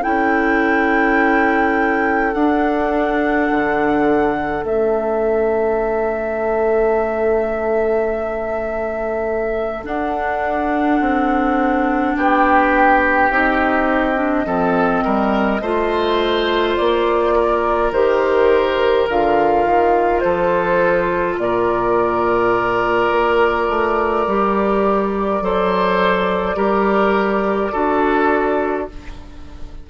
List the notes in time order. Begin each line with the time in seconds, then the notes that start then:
0.00 C#4 E4 A4 G5
2.33 D4 F#5
3.51 D3
4.63 A3 C#4 E5
9.83 D4 F#5
11.00 C4
12.16 B3 G4 G5
13.30 C4 D#4 D#5
14.16 D4
14.45 F3 C4 A4
15.04 G3 A#4
15.61 A3 F4 C5
16.76 A#3 D5
17.35 A#4
17.91 D#3 G4 C5
19.08 D3 F4 F5
19.65 D#3
20.20 F3 A4 C5
21.37 A#2 A#4 D5
23.11 A#3
23.68 A3
24.27 G3 G4
25.41 F#3 A4 C5
26.55 G3 G4 A#4
27.72 D4 F#4 A4